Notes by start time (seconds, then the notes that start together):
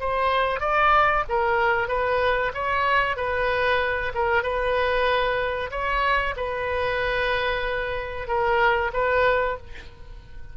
0.00 C5
0.60 D5
1.29 A#4
1.88 B4
2.54 C#5
3.17 B4
4.14 A#4
4.43 B4
5.71 C#5
6.36 B4
8.27 A#4
8.93 B4